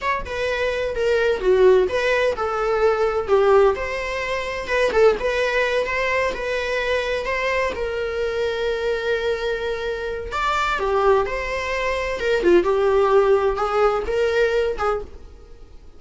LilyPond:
\new Staff \with { instrumentName = "viola" } { \time 4/4 \tempo 4 = 128 cis''8 b'4. ais'4 fis'4 | b'4 a'2 g'4 | c''2 b'8 a'8 b'4~ | b'8 c''4 b'2 c''8~ |
c''8 ais'2.~ ais'8~ | ais'2 d''4 g'4 | c''2 ais'8 f'8 g'4~ | g'4 gis'4 ais'4. gis'8 | }